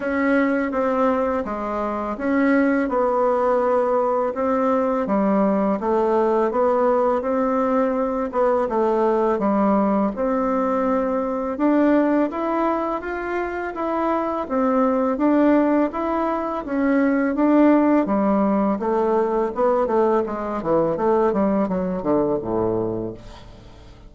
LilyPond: \new Staff \with { instrumentName = "bassoon" } { \time 4/4 \tempo 4 = 83 cis'4 c'4 gis4 cis'4 | b2 c'4 g4 | a4 b4 c'4. b8 | a4 g4 c'2 |
d'4 e'4 f'4 e'4 | c'4 d'4 e'4 cis'4 | d'4 g4 a4 b8 a8 | gis8 e8 a8 g8 fis8 d8 a,4 | }